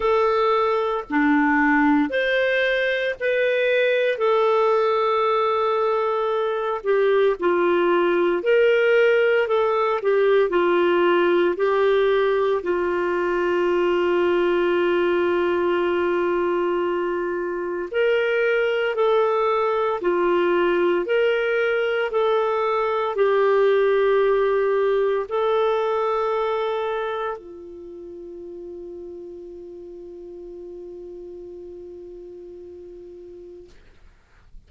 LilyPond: \new Staff \with { instrumentName = "clarinet" } { \time 4/4 \tempo 4 = 57 a'4 d'4 c''4 b'4 | a'2~ a'8 g'8 f'4 | ais'4 a'8 g'8 f'4 g'4 | f'1~ |
f'4 ais'4 a'4 f'4 | ais'4 a'4 g'2 | a'2 f'2~ | f'1 | }